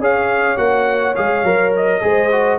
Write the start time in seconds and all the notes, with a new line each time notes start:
0.00 C#4 G#4 C#5 F5
0.57 A#3 F#4 F#5
1.16 G#3 G#4 F5
1.43 F#3 A#4
1.77 D#5
2.02 G#3 G#4 C5
2.32 F#4